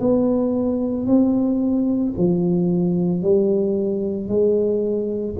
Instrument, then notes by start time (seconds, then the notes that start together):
tuba
0.00 B3
1.06 C4
2.17 F3
3.22 G3
4.28 G#3